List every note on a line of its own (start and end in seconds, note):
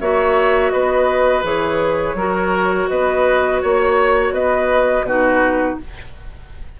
0.00 0.72 A#3
0.00 1.43 F#4
0.00 0.72 C#5
0.00 0.70 E5
0.70 1.43 B3
0.70 2.16 B4
0.70 1.42 D#5
1.43 2.14 E3
1.43 2.15 G#4
1.43 2.89 C#5
2.14 2.86 F#3
2.14 5.06 F#4
2.14 2.89 A#4
2.89 3.62 B3
2.89 3.61 B4
2.89 3.61 D#5
3.61 4.31 A#3
3.61 4.33 C#5
4.31 5.02 B3
4.31 5.06 B4
4.31 5.05 D#5
5.02 5.75 B2
5.02 5.80 D#4
5.02 5.79 F#4
5.02 5.77 B4